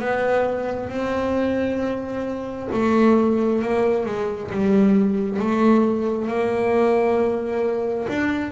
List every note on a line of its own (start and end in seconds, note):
0.00 0.90 B3
0.90 2.69 C4
2.73 3.62 A3
3.62 4.06 A#3
4.06 4.51 G#3
4.51 5.39 G3
5.39 6.28 A3
6.28 8.07 A#3
8.08 8.52 D4